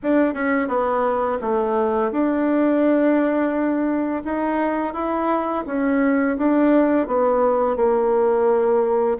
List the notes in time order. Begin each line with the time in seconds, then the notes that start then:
0.02 D4
0.33 C#4
0.67 B3
1.41 A3
2.11 D4
4.24 D#4
4.93 E4
5.66 C#4
6.37 D4
7.07 B3
7.76 A#3